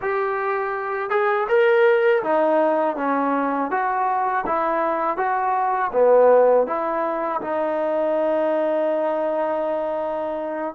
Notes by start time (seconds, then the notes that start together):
0.01 G4
1.09 G#4
1.48 A#4
2.23 D#4
2.96 C#4
3.70 F#4
4.46 E4
5.17 F#4
5.92 B3
6.67 E4
7.41 D#4